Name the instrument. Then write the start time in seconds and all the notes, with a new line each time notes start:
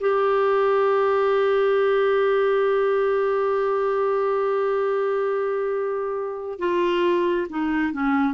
clarinet
0.00 G4
6.59 F4
7.49 D#4
7.93 C#4